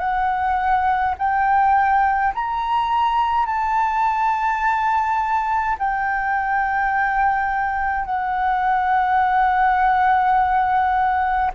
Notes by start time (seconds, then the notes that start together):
0.00 F#5
1.19 G5
2.35 A#5
3.47 A5
5.80 G5
8.06 F#5